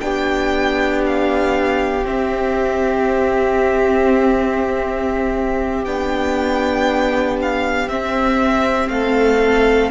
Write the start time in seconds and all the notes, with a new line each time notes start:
0.00 B3 D4 G4 G5
1.06 F5
2.03 C4 E5
5.84 B3 D4 G5
7.41 F5
7.88 C4 E5
8.88 A3 A4 F5